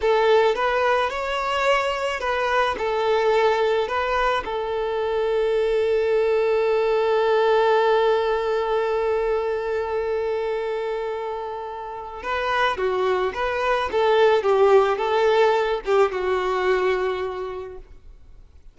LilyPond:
\new Staff \with { instrumentName = "violin" } { \time 4/4 \tempo 4 = 108 a'4 b'4 cis''2 | b'4 a'2 b'4 | a'1~ | a'1~ |
a'1~ | a'2 b'4 fis'4 | b'4 a'4 g'4 a'4~ | a'8 g'8 fis'2. | }